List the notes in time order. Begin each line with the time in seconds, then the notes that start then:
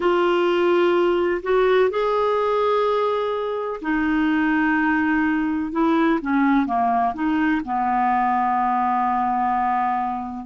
0.00 F4
1.42 F#4
1.90 G#4
3.81 D#4
5.71 E4
6.21 C#4
6.65 A#3
7.13 D#4
7.65 B3